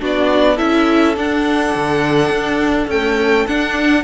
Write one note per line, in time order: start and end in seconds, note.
0.00 0.60 B3
0.00 0.57 D4
0.00 0.56 F#4
0.00 0.58 D5
0.56 1.17 C#4
0.56 1.14 E4
0.56 4.02 A4
0.56 1.15 E5
1.16 2.89 D4
1.16 1.74 D4
1.16 2.89 F#5
1.75 2.30 D3
2.30 2.87 D4
2.87 3.47 A3
2.87 3.45 C#4
2.87 3.47 G5
3.47 4.03 D4
3.47 4.03 F#5